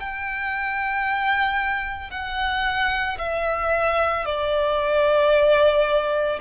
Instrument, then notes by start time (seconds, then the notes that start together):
violin
0.00 G5
2.11 F#5
3.19 E5
4.26 D5